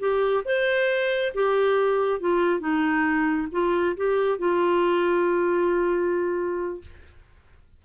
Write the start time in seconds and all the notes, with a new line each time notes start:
0.00 G4
0.45 C5
1.35 G4
2.21 F4
2.60 D#4
3.52 F4
3.97 G4
4.39 F4